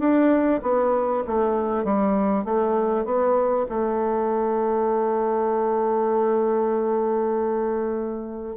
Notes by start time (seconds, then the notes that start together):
0.00 D4
0.63 B3
1.27 A3
1.85 G3
2.45 A3
3.06 B3
3.69 A3